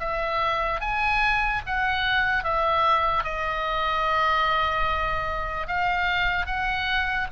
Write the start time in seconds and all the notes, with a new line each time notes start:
0.00 E5
0.81 G#5
1.67 F#5
2.44 E5
3.24 D#5
5.68 F5
6.46 F#5